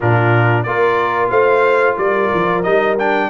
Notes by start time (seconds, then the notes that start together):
0.00 A#2 D4 F4 A#4
0.63 A#3 F4 A#4 D5
1.30 A3 C5 F5
1.97 G3 A#4 D5
2.34 F3
2.62 G3 D#4 D#5
2.98 D4 G5